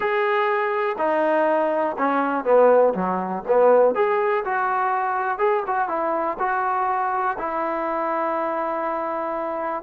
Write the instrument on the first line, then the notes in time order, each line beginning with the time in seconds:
trombone
0.00 G#4
0.97 D#4
1.98 C#4
2.44 B3
2.94 F#3
3.47 B3
3.94 G#4
4.44 F#4
5.38 G#4
5.66 F#4
5.88 E4
6.39 F#4
7.38 E4